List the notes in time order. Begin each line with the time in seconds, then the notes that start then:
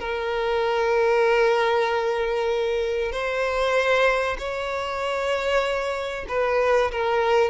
0.00 A#4
3.12 C5
4.39 C#5
6.29 B4
6.92 A#4